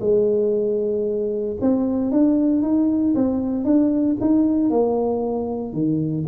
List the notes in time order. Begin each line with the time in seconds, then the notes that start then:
0.00 G#3
1.61 C4
2.11 D4
2.62 D#4
3.15 C4
3.65 D4
4.21 D#4
4.71 A#3
5.73 D#3